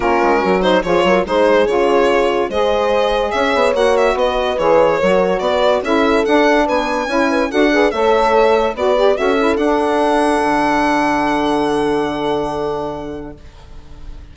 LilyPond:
<<
  \new Staff \with { instrumentName = "violin" } { \time 4/4 \tempo 4 = 144 ais'4. c''8 cis''4 c''4 | cis''2 dis''2 | e''4 fis''8 e''8 dis''4 cis''4~ | cis''4 d''4 e''4 fis''4 |
gis''2 fis''4 e''4~ | e''4 d''4 e''4 fis''4~ | fis''1~ | fis''1 | }
  \new Staff \with { instrumentName = "horn" } { \time 4/4 f'4 fis'4 gis'8 ais'8 gis'4~ | gis'2 c''2 | cis''2 b'2 | ais'4 b'4 a'2 |
b'4 cis''8 b'8 a'8 b'8 cis''4~ | cis''4 b'4 a'2~ | a'1~ | a'1 | }
  \new Staff \with { instrumentName = "saxophone" } { \time 4/4 cis'4. dis'8 f'4 dis'4 | f'2 gis'2~ | gis'4 fis'2 gis'4 | fis'2 e'4 d'4~ |
d'4 e'4 fis'8 gis'8 a'4~ | a'4 fis'8 g'8 fis'8 e'8 d'4~ | d'1~ | d'1 | }
  \new Staff \with { instrumentName = "bassoon" } { \time 4/4 ais8 gis8 fis4 f8 fis8 gis4 | cis2 gis2 | cis'8 b8 ais4 b4 e4 | fis4 b4 cis'4 d'4 |
b4 cis'4 d'4 a4~ | a4 b4 cis'4 d'4~ | d'4 d2.~ | d1 | }
>>